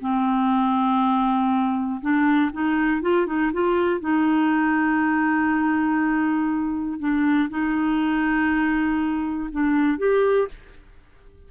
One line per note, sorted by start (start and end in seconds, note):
0.00 2.00 C4
2.01 2.51 D4
2.52 3.01 D#4
3.01 3.26 F4
3.26 3.51 D#4
3.52 4.00 F4
4.00 6.99 D#4
6.99 7.49 D4
7.49 9.49 D#4
9.51 9.98 D4
9.98 10.48 G4